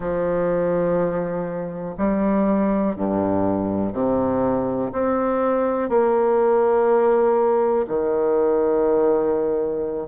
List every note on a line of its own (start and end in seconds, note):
0.00 1.95 F3
1.97 2.96 G3
2.96 3.93 G2
3.93 4.91 C3
4.92 5.89 C4
5.89 7.86 A#3
7.87 10.07 D#3